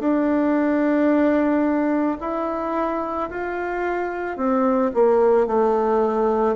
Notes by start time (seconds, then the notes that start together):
0.00 D4
2.21 E4
3.31 F4
4.37 C4
4.94 A#3
5.47 A3